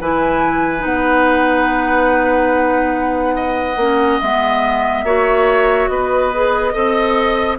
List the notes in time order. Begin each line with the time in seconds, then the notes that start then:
0.00 E3 E4 B4 G#5
0.78 B3 D#4 F#5
3.35 D#5
3.76 A#3 C#4
4.21 G#3 B3 E5
5.03 A#3 F#4 C#5
5.88 B3 B4 D#5
6.33 G#4
6.72 C4 A4 D#5